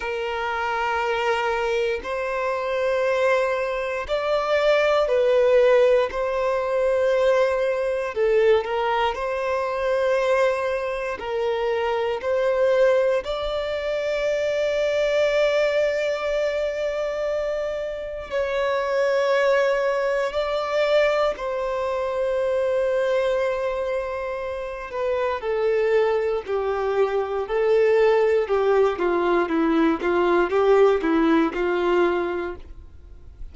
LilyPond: \new Staff \with { instrumentName = "violin" } { \time 4/4 \tempo 4 = 59 ais'2 c''2 | d''4 b'4 c''2 | a'8 ais'8 c''2 ais'4 | c''4 d''2.~ |
d''2 cis''2 | d''4 c''2.~ | c''8 b'8 a'4 g'4 a'4 | g'8 f'8 e'8 f'8 g'8 e'8 f'4 | }